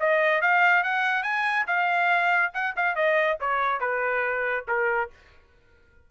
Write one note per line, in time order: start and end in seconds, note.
0.00 0.42 D#5
0.42 0.84 F5
0.84 1.23 F#5
1.23 1.66 G#5
1.67 2.52 F5
2.54 2.75 F#5
2.77 2.95 F5
2.95 3.38 D#5
3.41 3.80 C#5
3.80 4.66 B4
4.68 5.10 A#4